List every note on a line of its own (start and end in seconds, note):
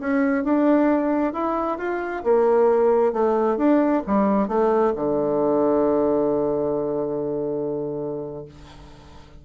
0.00 0.44 C#4
0.44 1.33 D4
1.33 1.78 E4
1.78 2.23 F4
2.24 3.13 A#3
3.13 3.57 A3
3.57 4.02 D4
4.07 4.48 G3
4.48 4.93 A3
4.96 8.45 D3